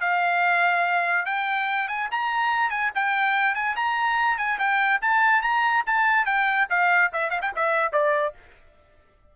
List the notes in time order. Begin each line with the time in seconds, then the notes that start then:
0.00 F5
1.25 G5
1.88 G#5
2.11 A#5
2.70 G#5
2.95 G5
3.55 G#5
3.76 A#5
4.37 G#5
4.58 G5
5.01 A5
5.42 A#5
5.86 A5
6.25 G5
6.69 F5
7.12 E5
7.30 F5
7.41 G5
7.55 E5
7.92 D5